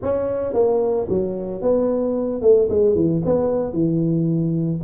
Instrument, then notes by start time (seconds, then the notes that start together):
tuba
0.02 C#4
0.53 A#3
1.09 F#3
1.61 B3
2.41 A3
2.69 G#3
2.95 E3
3.25 B3
3.72 E3